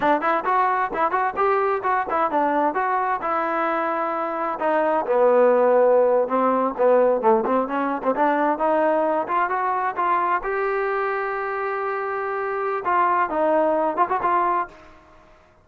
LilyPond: \new Staff \with { instrumentName = "trombone" } { \time 4/4 \tempo 4 = 131 d'8 e'8 fis'4 e'8 fis'8 g'4 | fis'8 e'8 d'4 fis'4 e'4~ | e'2 dis'4 b4~ | b4.~ b16 c'4 b4 a16~ |
a16 c'8 cis'8. c'16 d'4 dis'4~ dis'16~ | dis'16 f'8 fis'4 f'4 g'4~ g'16~ | g'1 | f'4 dis'4. f'16 fis'16 f'4 | }